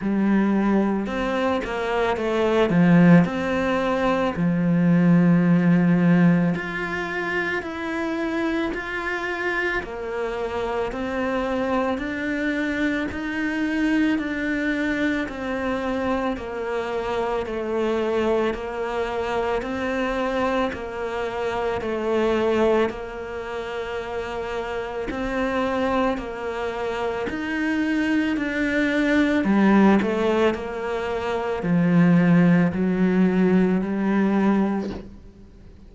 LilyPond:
\new Staff \with { instrumentName = "cello" } { \time 4/4 \tempo 4 = 55 g4 c'8 ais8 a8 f8 c'4 | f2 f'4 e'4 | f'4 ais4 c'4 d'4 | dis'4 d'4 c'4 ais4 |
a4 ais4 c'4 ais4 | a4 ais2 c'4 | ais4 dis'4 d'4 g8 a8 | ais4 f4 fis4 g4 | }